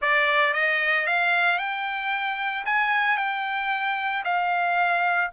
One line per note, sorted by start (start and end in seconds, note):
0.01 0.53 D5
0.53 1.06 D#5
1.06 1.58 F5
1.58 2.64 G5
2.65 3.17 G#5
3.17 4.23 G5
4.24 5.30 F5